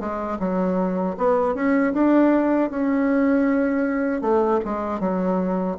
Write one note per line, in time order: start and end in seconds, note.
0.00 0.38 G#3
0.40 1.16 F#3
1.17 1.55 B3
1.55 1.93 C#4
1.94 2.70 D4
2.70 4.22 C#4
4.22 4.60 A3
4.65 5.00 G#3
5.00 5.77 F#3